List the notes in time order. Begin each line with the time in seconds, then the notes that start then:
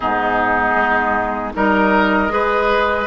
0.00 G#2 B3 D#4 G#4
0.75 G#3
1.54 G3 D#4 A#4 D#5
2.28 G#3 G#4 B4